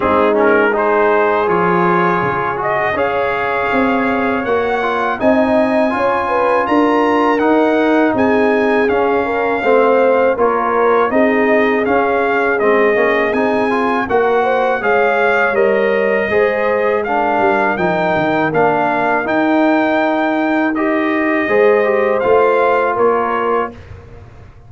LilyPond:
<<
  \new Staff \with { instrumentName = "trumpet" } { \time 4/4 \tempo 4 = 81 gis'8 ais'8 c''4 cis''4. dis''8 | f''2 fis''4 gis''4~ | gis''4 ais''4 fis''4 gis''4 | f''2 cis''4 dis''4 |
f''4 dis''4 gis''4 fis''4 | f''4 dis''2 f''4 | g''4 f''4 g''2 | dis''2 f''4 cis''4 | }
  \new Staff \with { instrumentName = "horn" } { \time 4/4 dis'4 gis'2. | cis''2. dis''4 | cis''8 b'8 ais'2 gis'4~ | gis'8 ais'8 c''4 ais'4 gis'4~ |
gis'2. ais'8 c''8 | cis''2 c''4 ais'4~ | ais'1~ | ais'4 c''2 ais'4 | }
  \new Staff \with { instrumentName = "trombone" } { \time 4/4 c'8 cis'8 dis'4 f'4. fis'8 | gis'2 fis'8 f'8 dis'4 | f'2 dis'2 | cis'4 c'4 f'4 dis'4 |
cis'4 c'8 cis'8 dis'8 f'8 fis'4 | gis'4 ais'4 gis'4 d'4 | dis'4 d'4 dis'2 | g'4 gis'8 g'8 f'2 | }
  \new Staff \with { instrumentName = "tuba" } { \time 4/4 gis2 f4 cis4 | cis'4 c'4 ais4 c'4 | cis'4 d'4 dis'4 c'4 | cis'4 a4 ais4 c'4 |
cis'4 gis8 ais8 c'4 ais4 | gis4 g4 gis4. g8 | f8 dis8 ais4 dis'2~ | dis'4 gis4 a4 ais4 | }
>>